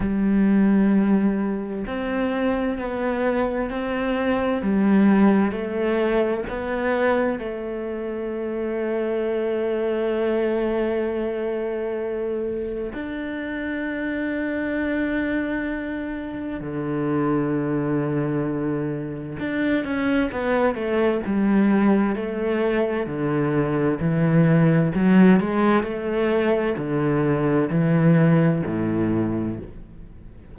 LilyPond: \new Staff \with { instrumentName = "cello" } { \time 4/4 \tempo 4 = 65 g2 c'4 b4 | c'4 g4 a4 b4 | a1~ | a2 d'2~ |
d'2 d2~ | d4 d'8 cis'8 b8 a8 g4 | a4 d4 e4 fis8 gis8 | a4 d4 e4 a,4 | }